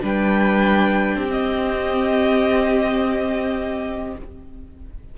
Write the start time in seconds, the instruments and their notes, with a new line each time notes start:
0.00 cello G3, viola D4, violin B4 G5
1.15 cello C4, violin G4
1.29 viola C4, violin D#5